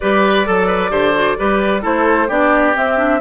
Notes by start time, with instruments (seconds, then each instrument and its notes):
0.00 bassoon G3, clarinet G4, oboe B4, flute D5
0.45 bassoon F#3, clarinet A4, oboe A4
0.67 oboe B4
0.90 bassoon D3, clarinet G4, oboe C5
1.14 clarinet F#4
1.37 bassoon G3, clarinet G4, oboe B4
1.81 bassoon A3, clarinet E4, oboe A4, flute C5
2.28 bassoon B3, clarinet D4, oboe G4, flute D5
2.74 clarinet C4, bassoon C4, flute E5
2.97 clarinet D4